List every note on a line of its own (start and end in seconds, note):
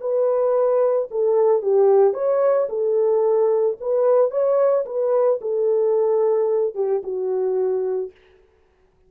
0.00 1.08 B4
1.11 1.61 A4
1.61 2.13 G4
2.13 2.67 C#5
2.69 3.77 A4
3.80 4.30 B4
4.30 4.85 C#5
4.86 5.40 B4
5.41 6.75 A4
6.75 7.02 G4
7.03 8.11 F#4